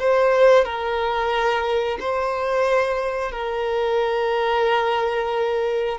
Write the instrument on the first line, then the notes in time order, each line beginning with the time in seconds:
violin
0.00 C5
0.65 A#4
2.00 C5
3.32 A#4